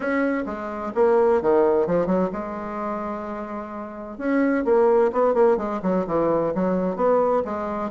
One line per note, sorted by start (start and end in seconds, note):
0.00 0.43 C#4
0.45 0.92 G#3
0.95 1.41 A#3
1.41 1.86 D#3
1.86 2.06 F3
2.06 2.29 F#3
2.32 4.17 G#3
4.17 4.64 C#4
4.64 5.11 A#3
5.12 5.33 B3
5.33 5.57 A#3
5.57 5.80 G#3
5.82 6.05 F#3
6.06 6.53 E3
6.54 6.96 F#3
6.96 7.42 B3
7.44 7.90 G#3